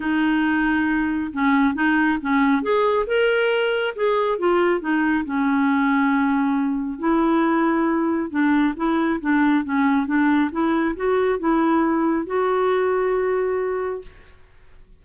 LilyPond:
\new Staff \with { instrumentName = "clarinet" } { \time 4/4 \tempo 4 = 137 dis'2. cis'4 | dis'4 cis'4 gis'4 ais'4~ | ais'4 gis'4 f'4 dis'4 | cis'1 |
e'2. d'4 | e'4 d'4 cis'4 d'4 | e'4 fis'4 e'2 | fis'1 | }